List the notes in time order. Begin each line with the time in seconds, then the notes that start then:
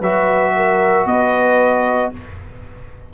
0.00 F#3 F#4 B4 E5
0.56 A#4
1.06 B3 B4 D#5